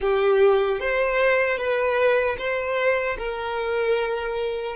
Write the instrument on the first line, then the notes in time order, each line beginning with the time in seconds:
violin
0.00 G4
0.79 C5
1.57 B4
2.38 C5
3.18 A#4